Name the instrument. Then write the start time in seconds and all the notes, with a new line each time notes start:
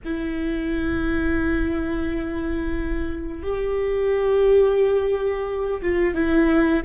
viola
0.04 E4
3.42 G4
5.81 F4
6.14 E4